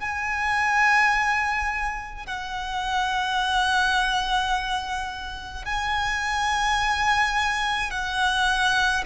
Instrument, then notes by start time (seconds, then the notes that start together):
violin
0.00 G#5
2.26 F#5
5.65 G#5
7.90 F#5